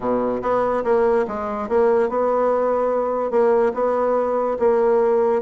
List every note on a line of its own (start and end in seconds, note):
0.00 0.41 B2
0.41 0.83 B3
0.84 1.25 A#3
1.27 1.68 G#3
1.68 2.09 A#3
2.09 3.30 B3
3.30 3.72 A#3
3.74 4.57 B3
4.59 5.42 A#3